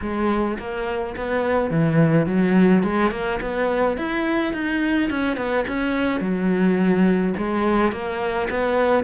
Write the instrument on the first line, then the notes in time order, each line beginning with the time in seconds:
cello
0.01 G#3
0.58 A#3
1.16 B3
1.70 E3
2.26 F#3
2.83 G#3
3.11 A#3
3.40 B3
3.97 E4
4.53 D#4
5.10 C#4
5.36 B3
5.67 C#4
6.20 F#3
7.37 G#3
7.91 A#3
8.50 B3